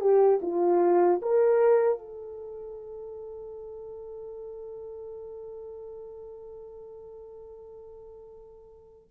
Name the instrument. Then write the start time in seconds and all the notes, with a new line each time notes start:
horn
0.00 G4
0.42 F4
1.22 A#4
1.98 A4